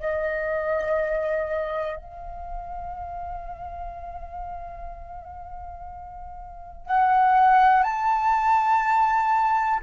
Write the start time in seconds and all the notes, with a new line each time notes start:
0.00 D#5
1.97 F5
6.87 F#5
7.84 A5